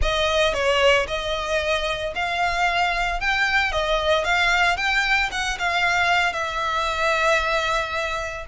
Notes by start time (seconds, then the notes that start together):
0.02 D#5
0.53 C#5
1.07 D#5
2.15 F5
3.20 G5
3.72 D#5
4.24 F5
4.76 G5
5.31 F#5
5.58 F5
6.33 E5